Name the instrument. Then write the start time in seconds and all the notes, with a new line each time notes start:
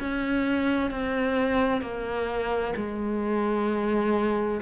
cello
0.00 C#4
0.91 C4
1.82 A#3
2.77 G#3